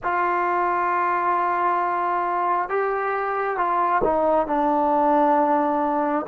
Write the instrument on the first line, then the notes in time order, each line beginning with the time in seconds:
trombone
0.03 F4
2.69 G4
3.57 F4
4.03 D#4
4.47 D4